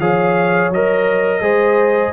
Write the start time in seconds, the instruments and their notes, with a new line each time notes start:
0.00 tuba F3, trombone G#4, horn C#5, trumpet F5
0.71 tuba F#3, trombone A#4, trumpet D#5
1.42 tuba G#3, trombone G#4, horn C5